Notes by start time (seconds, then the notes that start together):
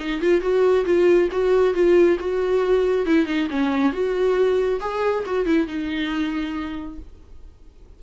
0.00 D#4
0.21 F4
0.41 F#4
0.85 F4
1.32 F#4
1.74 F4
2.20 F#4
3.06 E4
3.26 D#4
3.50 C#4
3.93 F#4
4.81 G#4
5.26 F#4
5.46 E4
5.68 D#4